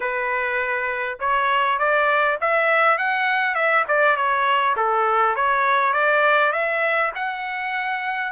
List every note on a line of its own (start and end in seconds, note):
0.00 1.18 B4
1.19 1.78 C#5
1.78 2.38 D5
2.41 2.98 E5
2.98 3.55 F#5
3.55 3.84 E5
3.87 4.16 D5
4.16 4.75 C#5
4.76 5.35 A4
5.35 5.93 C#5
5.93 6.52 D5
6.52 7.11 E5
7.15 8.32 F#5